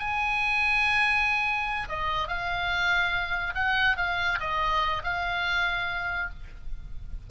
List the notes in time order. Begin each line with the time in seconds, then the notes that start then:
0.00 G#5
1.89 D#5
2.28 F5
3.55 F#5
3.97 F5
4.40 D#5
5.04 F5